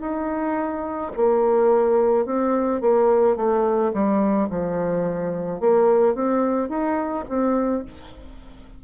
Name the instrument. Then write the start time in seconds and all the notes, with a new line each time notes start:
bassoon
0.00 D#4
1.16 A#3
2.25 C4
2.81 A#3
3.36 A3
3.93 G3
4.49 F3
5.60 A#3
6.14 C4
6.69 D#4
7.28 C4